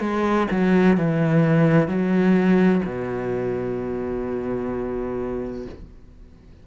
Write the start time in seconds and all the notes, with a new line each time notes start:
0.00 G#3
0.51 F#3
0.97 E3
1.88 F#3
2.85 B2